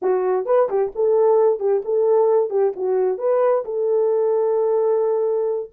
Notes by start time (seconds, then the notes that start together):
0.02 F#4
0.45 B4
0.69 G4
0.95 A4
1.59 G4
1.84 A4
2.50 G4
2.76 F#4
3.18 B4
3.64 A4